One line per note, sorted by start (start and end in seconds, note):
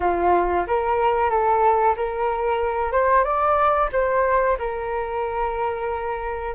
0.00 0.65 F4
0.67 1.30 A#4
1.30 1.95 A4
1.96 2.91 A#4
2.91 3.23 C5
3.23 3.89 D5
3.92 4.57 C5
4.58 6.54 A#4